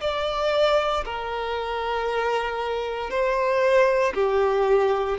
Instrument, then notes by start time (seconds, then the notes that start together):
violin
0.00 D5
1.04 A#4
3.10 C5
4.14 G4